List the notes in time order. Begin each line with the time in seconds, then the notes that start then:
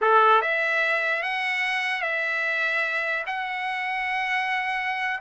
0.01 A4
0.41 E5
1.22 F#5
2.01 E5
3.26 F#5